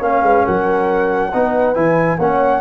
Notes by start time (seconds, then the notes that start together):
0.00 A#3 C#4 C#5 F5
0.23 G#3 B4
0.44 F#3 A#4 F#5
1.33 B3 D#4 B4
1.74 E3 E4 G#5
2.18 A#3 C#4 C#5 F#5